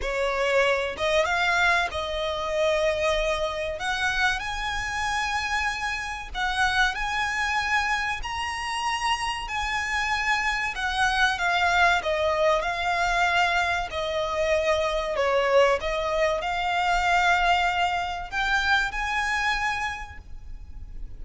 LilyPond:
\new Staff \with { instrumentName = "violin" } { \time 4/4 \tempo 4 = 95 cis''4. dis''8 f''4 dis''4~ | dis''2 fis''4 gis''4~ | gis''2 fis''4 gis''4~ | gis''4 ais''2 gis''4~ |
gis''4 fis''4 f''4 dis''4 | f''2 dis''2 | cis''4 dis''4 f''2~ | f''4 g''4 gis''2 | }